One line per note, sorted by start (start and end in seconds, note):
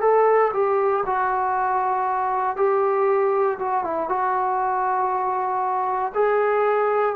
0.00 0.51 A4
0.53 1.04 G4
1.06 2.56 F#4
2.56 3.58 G4
3.58 3.84 F#4
3.84 4.09 E4
4.09 6.12 F#4
6.14 7.15 G#4